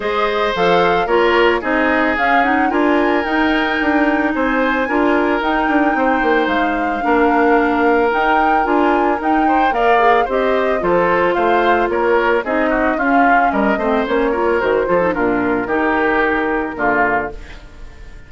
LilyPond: <<
  \new Staff \with { instrumentName = "flute" } { \time 4/4 \tempo 4 = 111 dis''4 f''4 cis''4 dis''4 | f''8 fis''8 gis''4 g''2 | gis''2 g''2 | f''2. g''4 |
gis''4 g''4 f''4 dis''4 | c''4 f''4 cis''4 dis''4 | f''4 dis''4 cis''4 c''4 | ais'1 | }
  \new Staff \with { instrumentName = "oboe" } { \time 4/4 c''2 ais'4 gis'4~ | gis'4 ais'2. | c''4 ais'2 c''4~ | c''4 ais'2.~ |
ais'4. c''8 d''4 c''4 | a'4 c''4 ais'4 gis'8 fis'8 | f'4 ais'8 c''4 ais'4 a'8 | f'4 g'2 f'4 | }
  \new Staff \with { instrumentName = "clarinet" } { \time 4/4 gis'4 a'4 f'4 dis'4 | cis'8 dis'8 f'4 dis'2~ | dis'4 f'4 dis'2~ | dis'4 d'2 dis'4 |
f'4 dis'4 ais'8 gis'8 g'4 | f'2. dis'4 | cis'4. c'8 cis'8 f'8 fis'8 f'16 dis'16 | d'4 dis'2 ais4 | }
  \new Staff \with { instrumentName = "bassoon" } { \time 4/4 gis4 f4 ais4 c'4 | cis'4 d'4 dis'4 d'4 | c'4 d'4 dis'8 d'8 c'8 ais8 | gis4 ais2 dis'4 |
d'4 dis'4 ais4 c'4 | f4 a4 ais4 c'4 | cis'4 g8 a8 ais4 dis8 f8 | ais,4 dis2 d4 | }
>>